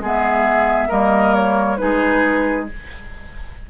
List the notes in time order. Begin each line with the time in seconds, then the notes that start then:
0.00 G#3 B3 G#4 E5
0.88 G3 A#3 A#4 D#5
1.34 C#5
1.77 G#3 D#4 G#4 B4